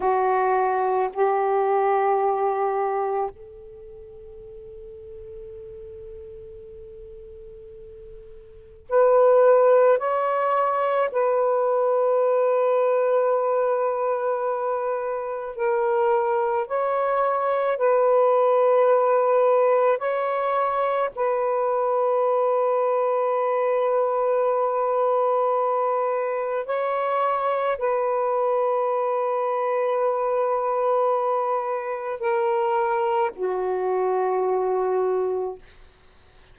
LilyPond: \new Staff \with { instrumentName = "saxophone" } { \time 4/4 \tempo 4 = 54 fis'4 g'2 a'4~ | a'1 | b'4 cis''4 b'2~ | b'2 ais'4 cis''4 |
b'2 cis''4 b'4~ | b'1 | cis''4 b'2.~ | b'4 ais'4 fis'2 | }